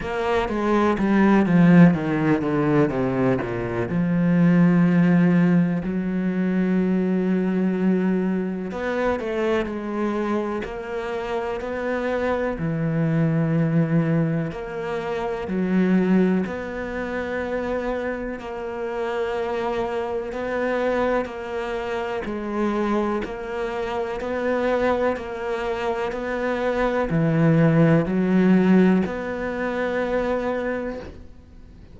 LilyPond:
\new Staff \with { instrumentName = "cello" } { \time 4/4 \tempo 4 = 62 ais8 gis8 g8 f8 dis8 d8 c8 ais,8 | f2 fis2~ | fis4 b8 a8 gis4 ais4 | b4 e2 ais4 |
fis4 b2 ais4~ | ais4 b4 ais4 gis4 | ais4 b4 ais4 b4 | e4 fis4 b2 | }